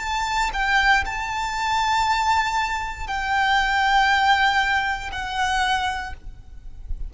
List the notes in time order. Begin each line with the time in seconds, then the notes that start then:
0.00 A5
0.54 G5
1.06 A5
3.07 G5
5.12 F#5